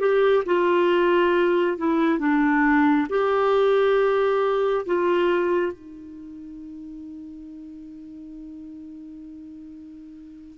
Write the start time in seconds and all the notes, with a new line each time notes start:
0.00 G4
0.46 F4
1.78 E4
2.19 D4
3.10 G4
4.86 F4
5.73 D#4